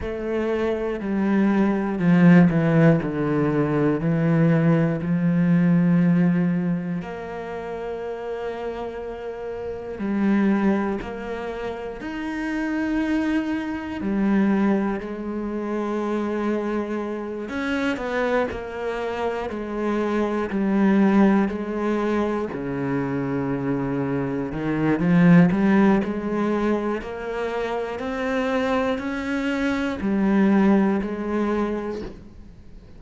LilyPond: \new Staff \with { instrumentName = "cello" } { \time 4/4 \tempo 4 = 60 a4 g4 f8 e8 d4 | e4 f2 ais4~ | ais2 g4 ais4 | dis'2 g4 gis4~ |
gis4. cis'8 b8 ais4 gis8~ | gis8 g4 gis4 cis4.~ | cis8 dis8 f8 g8 gis4 ais4 | c'4 cis'4 g4 gis4 | }